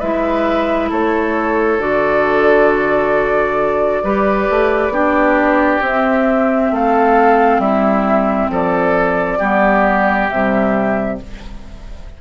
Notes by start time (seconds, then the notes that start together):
0.00 G#3 E4 B4 E5
0.90 A3 A4 C#5
1.79 D3 F#4 D5
4.04 G3 G4 B4
4.51 A3
4.89 B3 D4 G4
5.82 C4 E5
6.72 A3 A4 F5
7.59 G3 E4 E5
8.50 F3 A4 D5
9.39 G3 B3 G4
10.28 C3 G3 E5